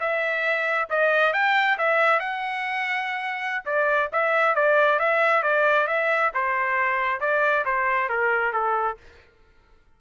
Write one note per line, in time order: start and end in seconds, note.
0.00 0.89 E5
0.90 1.33 D#5
1.33 1.78 G5
1.78 2.20 E5
2.20 3.64 F#5
3.65 4.10 D5
4.13 4.55 E5
4.55 4.99 D5
4.99 5.43 E5
5.43 5.87 D5
5.87 6.32 E5
6.34 7.21 C5
7.21 7.65 D5
7.65 8.09 C5
8.09 8.53 A#4
8.53 8.97 A4